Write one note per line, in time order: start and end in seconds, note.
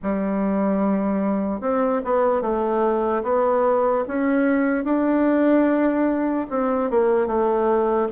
0.02 1.60 G3
1.60 2.01 C4
2.04 2.41 B3
2.41 3.22 A3
3.23 4.04 B3
4.07 4.84 C#4
4.84 6.46 D4
6.49 6.90 C4
6.90 7.26 A#3
7.26 8.07 A3